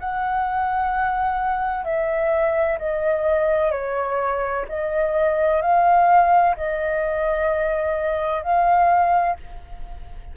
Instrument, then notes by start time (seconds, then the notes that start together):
flute
0.00 F#5
1.85 E5
2.79 D#5
3.72 C#5
4.68 D#5
5.62 F5
6.57 D#5
8.43 F5